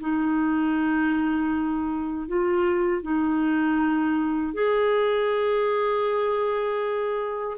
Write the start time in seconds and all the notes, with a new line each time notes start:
0.00 D#4
2.28 F4
3.02 D#4
4.53 G#4